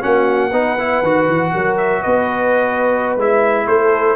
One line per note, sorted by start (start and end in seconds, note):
0.00 0.52 A#3
0.00 0.50 C#4
0.00 0.50 F#4
0.00 1.77 F#5
0.50 1.02 B3
0.50 0.78 D#4
0.50 1.51 B4
0.78 1.03 E4
1.02 1.27 D#3
1.02 3.18 F#4
1.27 1.52 E3
1.53 2.04 F#3
1.53 2.01 A#4
1.77 2.03 E5
2.01 3.17 B3
2.01 3.65 B4
2.01 3.16 D#5
3.17 3.67 G#3
3.17 4.16 E4
3.17 3.67 E5
3.67 4.16 A3
3.67 4.16 A4
3.67 4.16 C5